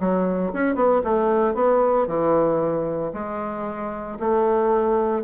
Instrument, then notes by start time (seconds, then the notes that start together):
bassoon
0.00 F#3
0.53 C#4
0.75 B3
1.04 A3
1.54 B3
2.07 E3
3.13 G#3
4.19 A3